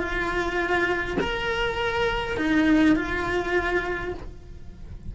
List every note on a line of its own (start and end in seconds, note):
0.00 1.18 F4
1.21 2.37 A#4
2.37 2.96 D#4
2.97 4.14 F4